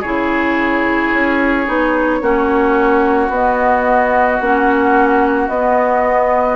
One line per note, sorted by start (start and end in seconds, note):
0.00 1.12 C#3
0.00 1.66 E4
0.00 2.18 G#4
0.00 3.29 C#5
1.12 1.66 C#4
1.66 2.21 B3
1.66 2.20 D#4
2.21 3.28 A#3
2.21 3.30 C#4
2.21 6.56 F#4
3.28 4.37 B3
3.28 4.41 B3
3.28 4.41 D#5
4.40 5.48 A#3
4.40 5.50 C#4
4.40 5.48 F#5
5.48 6.56 B3
5.48 6.56 D#5